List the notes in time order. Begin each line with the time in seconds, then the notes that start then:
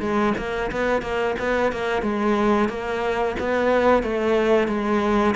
0.00 G#3
0.38 A#3
0.72 B3
1.02 A#3
1.39 B3
1.72 A#3
2.02 G#3
2.69 A#3
3.39 B3
4.03 A3
4.68 G#3